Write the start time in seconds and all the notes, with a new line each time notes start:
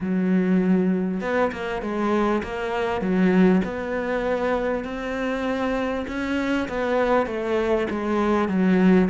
0.01 F#3
1.21 B3
1.52 A#3
1.82 G#3
2.43 A#3
3.01 F#3
3.64 B3
4.84 C4
6.07 C#4
6.68 B3
7.26 A3
7.90 G#3
8.48 F#3